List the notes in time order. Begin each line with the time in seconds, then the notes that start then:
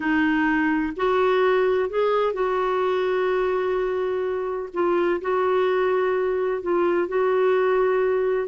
0.00 D#4
0.96 F#4
1.89 G#4
2.33 F#4
4.73 F4
5.21 F#4
6.62 F4
7.08 F#4